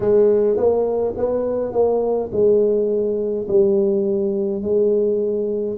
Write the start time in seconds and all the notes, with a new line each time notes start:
0.00 G#3
0.57 A#3
1.17 B3
1.72 A#3
2.31 G#3
3.48 G3
4.62 G#3